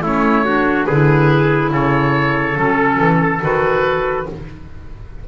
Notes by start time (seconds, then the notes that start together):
0.00 A3 C#4 E4 C#5
0.44 D4 F#4
0.85 D3 E4 G#4 B4
1.71 C#3 A4 C#5
2.54 F#3 C#4 A4
2.98 E3
3.41 D#3 F#4 B4